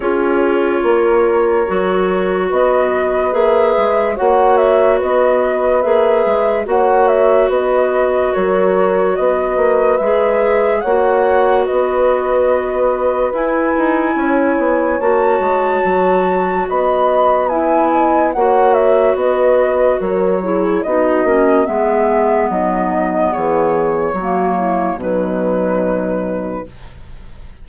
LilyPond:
<<
  \new Staff \with { instrumentName = "flute" } { \time 4/4 \tempo 4 = 72 cis''2. dis''4 | e''4 fis''8 e''8 dis''4 e''4 | fis''8 e''8 dis''4 cis''4 dis''4 | e''4 fis''4 dis''2 |
gis''2 a''2 | b''4 gis''4 fis''8 e''8 dis''4 | cis''4 dis''4 e''4 dis''4 | cis''2 b'2 | }
  \new Staff \with { instrumentName = "horn" } { \time 4/4 gis'4 ais'2 b'4~ | b'4 cis''4 b'2 | cis''4 b'4 ais'4 b'4~ | b'4 cis''4 b'2~ |
b'4 cis''2. | dis''4 e''8 dis''8 cis''4 b'4 | ais'8 gis'8 fis'4 gis'4 dis'4 | gis'4 fis'8 e'8 dis'2 | }
  \new Staff \with { instrumentName = "clarinet" } { \time 4/4 f'2 fis'2 | gis'4 fis'2 gis'4 | fis'1 | gis'4 fis'2. |
e'2 fis'2~ | fis'4 e'4 fis'2~ | fis'8 e'8 dis'8 cis'8 b2~ | b4 ais4 fis2 | }
  \new Staff \with { instrumentName = "bassoon" } { \time 4/4 cis'4 ais4 fis4 b4 | ais8 gis8 ais4 b4 ais8 gis8 | ais4 b4 fis4 b8 ais8 | gis4 ais4 b2 |
e'8 dis'8 cis'8 b8 ais8 gis8 fis4 | b2 ais4 b4 | fis4 b8 ais8 gis4 fis4 | e4 fis4 b,2 | }
>>